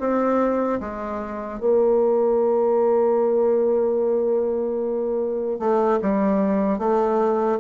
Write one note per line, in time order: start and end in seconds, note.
0.00 0.80 C4
0.81 1.60 G#3
1.60 5.60 A#3
5.60 6.00 A3
6.02 6.79 G3
6.79 7.59 A3